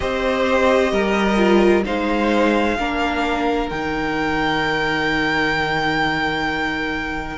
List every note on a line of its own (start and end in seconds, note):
0.00 0.92 C4
0.00 1.37 G4
0.00 0.92 C5
0.00 1.82 D#5
0.92 1.84 G3
0.92 1.84 A#4
1.37 1.83 F4
1.84 2.78 G#3
1.84 2.76 D#4
1.84 2.77 C5
1.84 3.69 F5
2.78 3.70 A#3
2.78 3.70 D4
2.78 7.37 A#4
3.69 7.37 D#3
3.69 7.37 D#4
3.69 7.37 G5